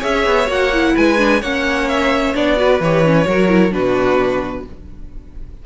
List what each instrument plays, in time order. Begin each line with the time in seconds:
0.00 cello C#4, viola G#4, violin C#5 E5
0.27 cello B3
0.48 cello A#3, viola F#4, violin F#5
0.73 viola E4
0.95 cello G#3, violin B4 G#5
1.18 viola D4
1.41 cello A#3, viola C#4, violin C#5 F#5
1.89 violin E5
2.35 cello B3, viola D4, violin D5
2.57 viola F#4, violin B4
2.80 cello E3, viola G4, violin C#5
3.05 viola C#4
3.26 cello F#3, viola F#4, violin A#4
3.49 viola E4
3.71 cello B2, viola D4, violin F#4 B4